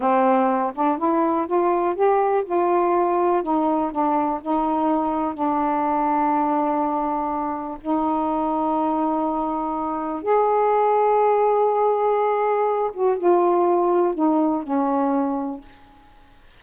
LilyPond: \new Staff \with { instrumentName = "saxophone" } { \time 4/4 \tempo 4 = 123 c'4. d'8 e'4 f'4 | g'4 f'2 dis'4 | d'4 dis'2 d'4~ | d'1 |
dis'1~ | dis'4 gis'2.~ | gis'2~ gis'8 fis'8 f'4~ | f'4 dis'4 cis'2 | }